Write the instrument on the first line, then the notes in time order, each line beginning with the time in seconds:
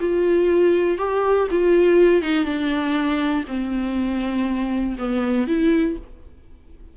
viola
0.00 F4
0.98 G4
1.51 F4
2.22 D#4
2.45 D4
3.47 C4
4.98 B3
5.47 E4